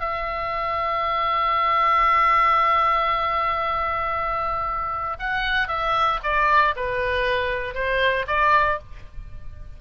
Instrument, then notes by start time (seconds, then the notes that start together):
oboe
0.00 E5
5.20 F#5
5.68 E5
6.24 D5
6.76 B4
7.75 C5
8.28 D5